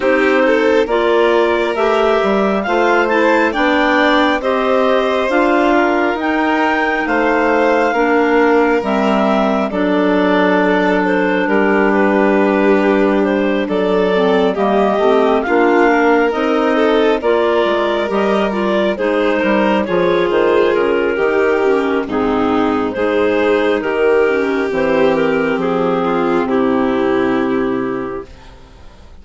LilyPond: <<
  \new Staff \with { instrumentName = "clarinet" } { \time 4/4 \tempo 4 = 68 c''4 d''4 e''4 f''8 a''8 | g''4 dis''4 f''4 g''4 | f''2 e''4 d''4~ | d''8 c''8 ais'8 b'4. c''8 d''8~ |
d''8 dis''4 f''4 dis''4 d''8~ | d''8 dis''8 d''8 c''4 cis''8 c''8 ais'8~ | ais'4 gis'4 c''4 ais'4 | c''8 ais'8 gis'4 g'2 | }
  \new Staff \with { instrumentName = "violin" } { \time 4/4 g'8 a'8 ais'2 c''4 | d''4 c''4. ais'4. | c''4 ais'2 a'4~ | a'4 g'2~ g'8 a'8~ |
a'8 g'4 f'8 ais'4 a'8 ais'8~ | ais'4. gis'8 ais'8 gis'4. | g'4 dis'4 gis'4 g'4~ | g'4. f'8 e'2 | }
  \new Staff \with { instrumentName = "clarinet" } { \time 4/4 dis'4 f'4 g'4 f'8 e'8 | d'4 g'4 f'4 dis'4~ | dis'4 d'4 c'4 d'4~ | d'1 |
c'8 ais8 c'8 d'4 dis'4 f'8~ | f'8 g'8 f'8 dis'4 f'4. | dis'8 cis'8 c'4 dis'4. cis'8 | c'1 | }
  \new Staff \with { instrumentName = "bassoon" } { \time 4/4 c'4 ais4 a8 g8 a4 | b4 c'4 d'4 dis'4 | a4 ais4 g4 fis4~ | fis4 g2~ g8 fis8~ |
fis8 g8 a8 ais4 c'4 ais8 | gis8 g4 gis8 g8 f8 dis8 cis8 | dis4 gis,4 gis4 dis4 | e4 f4 c2 | }
>>